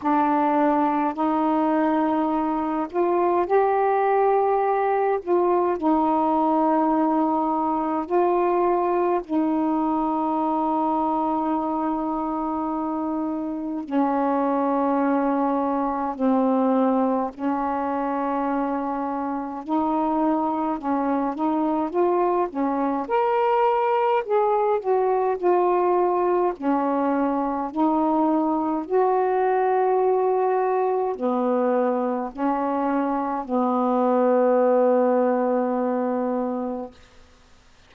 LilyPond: \new Staff \with { instrumentName = "saxophone" } { \time 4/4 \tempo 4 = 52 d'4 dis'4. f'8 g'4~ | g'8 f'8 dis'2 f'4 | dis'1 | cis'2 c'4 cis'4~ |
cis'4 dis'4 cis'8 dis'8 f'8 cis'8 | ais'4 gis'8 fis'8 f'4 cis'4 | dis'4 fis'2 b4 | cis'4 b2. | }